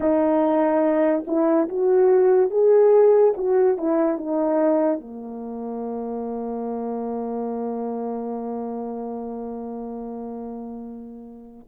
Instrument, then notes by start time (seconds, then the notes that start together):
horn
0.00 D#4
1.27 E4
1.69 F#4
2.50 G#4
3.36 F#4
3.77 E4
4.17 D#4
5.00 A#3